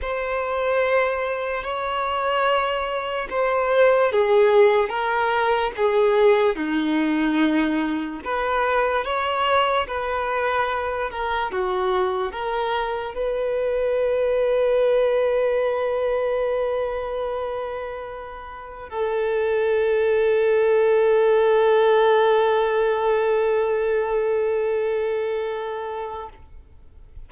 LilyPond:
\new Staff \with { instrumentName = "violin" } { \time 4/4 \tempo 4 = 73 c''2 cis''2 | c''4 gis'4 ais'4 gis'4 | dis'2 b'4 cis''4 | b'4. ais'8 fis'4 ais'4 |
b'1~ | b'2. a'4~ | a'1~ | a'1 | }